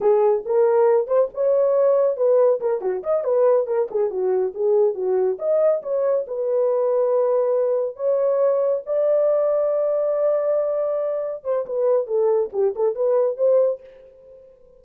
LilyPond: \new Staff \with { instrumentName = "horn" } { \time 4/4 \tempo 4 = 139 gis'4 ais'4. c''8 cis''4~ | cis''4 b'4 ais'8 fis'8 dis''8 b'8~ | b'8 ais'8 gis'8 fis'4 gis'4 fis'8~ | fis'8 dis''4 cis''4 b'4.~ |
b'2~ b'8 cis''4.~ | cis''8 d''2.~ d''8~ | d''2~ d''8 c''8 b'4 | a'4 g'8 a'8 b'4 c''4 | }